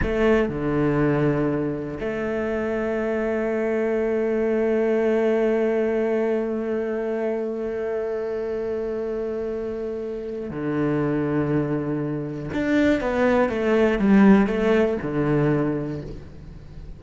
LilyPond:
\new Staff \with { instrumentName = "cello" } { \time 4/4 \tempo 4 = 120 a4 d2. | a1~ | a1~ | a1~ |
a1~ | a4 d2.~ | d4 d'4 b4 a4 | g4 a4 d2 | }